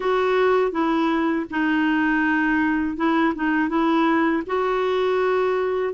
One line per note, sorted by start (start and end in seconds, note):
0.00 0.71 F#4
0.71 1.45 E4
1.50 2.96 D#4
2.96 3.33 E4
3.35 3.68 D#4
3.68 4.42 E4
4.46 5.93 F#4